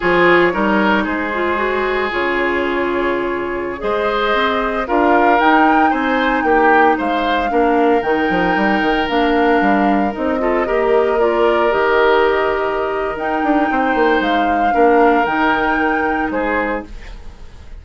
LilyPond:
<<
  \new Staff \with { instrumentName = "flute" } { \time 4/4 \tempo 4 = 114 cis''2 c''2 | cis''2.~ cis''16 dis''8.~ | dis''4~ dis''16 f''4 g''4 gis''8.~ | gis''16 g''4 f''2 g''8.~ |
g''4~ g''16 f''2 dis''8.~ | dis''4~ dis''16 d''4 dis''4.~ dis''16~ | dis''4 g''2 f''4~ | f''4 g''2 c''4 | }
  \new Staff \with { instrumentName = "oboe" } { \time 4/4 gis'4 ais'4 gis'2~ | gis'2.~ gis'16 c''8.~ | c''4~ c''16 ais'2 c''8.~ | c''16 g'4 c''4 ais'4.~ ais'16~ |
ais'2.~ ais'8. a'16~ | a'16 ais'2.~ ais'8.~ | ais'2 c''2 | ais'2. gis'4 | }
  \new Staff \with { instrumentName = "clarinet" } { \time 4/4 f'4 dis'4. f'8 fis'4 | f'2.~ f'16 gis'8.~ | gis'4~ gis'16 f'4 dis'4.~ dis'16~ | dis'2~ dis'16 d'4 dis'8.~ |
dis'4~ dis'16 d'2 dis'8 f'16~ | f'16 g'4 f'4 g'4.~ g'16~ | g'4 dis'2. | d'4 dis'2. | }
  \new Staff \with { instrumentName = "bassoon" } { \time 4/4 f4 g4 gis2 | cis2.~ cis16 gis8.~ | gis16 c'4 d'4 dis'4 c'8.~ | c'16 ais4 gis4 ais4 dis8 f16~ |
f16 g8 dis8 ais4 g4 c'8.~ | c'16 ais2 dis4.~ dis16~ | dis4 dis'8 d'8 c'8 ais8 gis4 | ais4 dis2 gis4 | }
>>